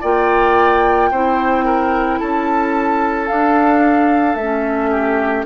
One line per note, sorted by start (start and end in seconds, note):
0.00 1.11 A#3
0.00 1.12 F4
0.00 1.09 D5
0.00 2.19 G5
1.11 2.20 C4
1.11 3.28 E4
1.11 1.65 C5
1.65 2.19 A#4
2.19 3.30 C#4
2.19 4.90 A4
2.19 3.27 A5
3.27 4.37 D4
3.27 4.35 D4
3.27 4.35 F5
4.35 5.44 A3
4.35 5.44 E5
4.42 5.46 C#4
4.90 5.45 G4